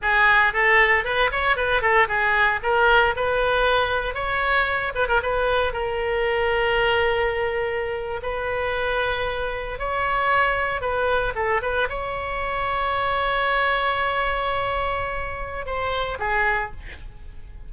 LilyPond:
\new Staff \with { instrumentName = "oboe" } { \time 4/4 \tempo 4 = 115 gis'4 a'4 b'8 cis''8 b'8 a'8 | gis'4 ais'4 b'2 | cis''4. b'16 ais'16 b'4 ais'4~ | ais'2.~ ais'8. b'16~ |
b'2~ b'8. cis''4~ cis''16~ | cis''8. b'4 a'8 b'8 cis''4~ cis''16~ | cis''1~ | cis''2 c''4 gis'4 | }